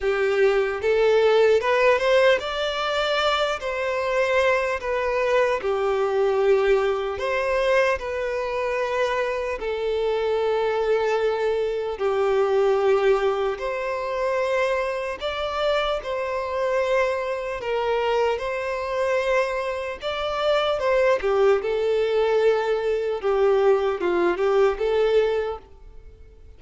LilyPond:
\new Staff \with { instrumentName = "violin" } { \time 4/4 \tempo 4 = 75 g'4 a'4 b'8 c''8 d''4~ | d''8 c''4. b'4 g'4~ | g'4 c''4 b'2 | a'2. g'4~ |
g'4 c''2 d''4 | c''2 ais'4 c''4~ | c''4 d''4 c''8 g'8 a'4~ | a'4 g'4 f'8 g'8 a'4 | }